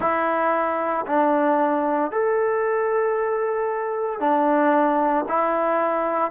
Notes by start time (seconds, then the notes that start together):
0.00 E4
1.06 D4
2.11 A4
4.20 D4
5.28 E4